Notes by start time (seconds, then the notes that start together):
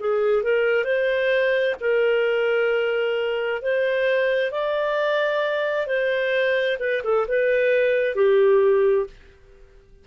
0.00 G#4
0.43 A#4
0.84 C5
1.80 A#4
3.62 C5
4.52 D5
5.86 C5
6.79 B4
7.04 A4
7.28 B4
8.16 G4